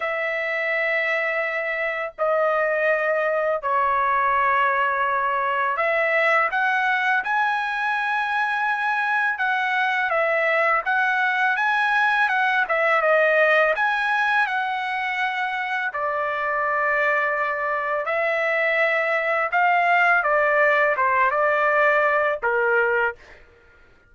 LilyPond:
\new Staff \with { instrumentName = "trumpet" } { \time 4/4 \tempo 4 = 83 e''2. dis''4~ | dis''4 cis''2. | e''4 fis''4 gis''2~ | gis''4 fis''4 e''4 fis''4 |
gis''4 fis''8 e''8 dis''4 gis''4 | fis''2 d''2~ | d''4 e''2 f''4 | d''4 c''8 d''4. ais'4 | }